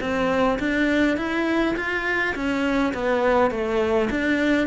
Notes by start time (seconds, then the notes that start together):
0.00 C4
0.59 D4
1.17 E4
1.76 F4
2.35 C#4
2.93 B3
3.51 A3
4.10 D4